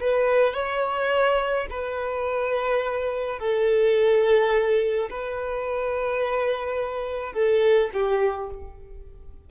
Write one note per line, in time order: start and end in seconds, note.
0.00 0.54 B4
0.54 1.67 C#5
1.70 3.40 B4
3.40 5.09 A4
5.10 7.33 B4
7.33 7.90 A4
7.93 8.50 G4